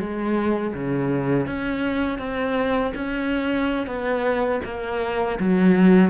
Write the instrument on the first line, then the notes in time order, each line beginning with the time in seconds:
cello
0.00 G#3
0.75 C#3
1.47 C#4
2.19 C4
2.96 C#4
3.87 B3
4.65 A#3
5.40 F#3